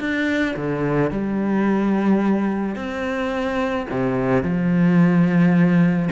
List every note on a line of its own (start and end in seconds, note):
0.00 0.56 D4
0.57 1.11 D3
1.11 2.76 G3
2.76 3.87 C4
3.90 4.43 C3
4.43 6.10 F3